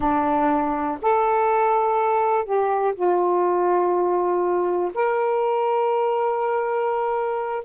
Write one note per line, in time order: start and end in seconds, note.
0.00 0.98 D4
1.01 2.44 A4
2.44 2.93 G4
2.95 4.91 F4
4.94 7.64 A#4